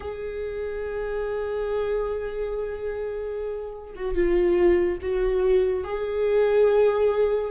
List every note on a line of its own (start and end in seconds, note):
0.00 3.94 G#4
3.95 4.15 F#4
4.15 4.98 F4
5.01 5.84 F#4
5.84 7.50 G#4